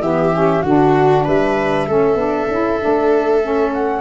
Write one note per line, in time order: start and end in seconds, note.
0.00 0.62 E3
0.00 0.33 B3
0.00 0.62 G4
0.00 0.62 E5
0.33 0.64 C#4
0.62 1.25 D3
0.62 1.87 D4
0.62 1.24 F#4
0.62 1.24 F#5
1.25 1.88 G3
1.25 1.86 B4
1.25 3.73 E5
1.87 2.15 A3
1.87 2.17 C#4
1.87 4.01 A4
2.15 2.46 B3
2.15 2.48 D4
2.48 2.78 C#4
2.48 2.80 E4
2.80 4.01 A3
2.80 3.41 D4
3.41 4.01 C#4
3.73 4.01 F#5